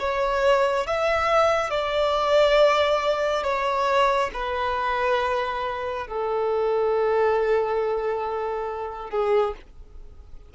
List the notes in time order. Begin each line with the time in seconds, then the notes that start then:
0.00 C#5
0.87 E5
1.71 D5
3.44 C#5
4.34 B4
6.08 A4
9.11 G#4